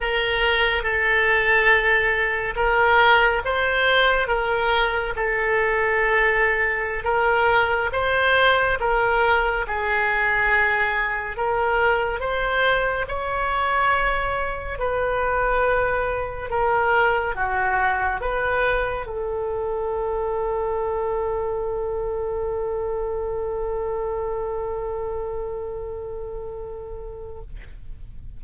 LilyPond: \new Staff \with { instrumentName = "oboe" } { \time 4/4 \tempo 4 = 70 ais'4 a'2 ais'4 | c''4 ais'4 a'2~ | a'16 ais'4 c''4 ais'4 gis'8.~ | gis'4~ gis'16 ais'4 c''4 cis''8.~ |
cis''4~ cis''16 b'2 ais'8.~ | ais'16 fis'4 b'4 a'4.~ a'16~ | a'1~ | a'1 | }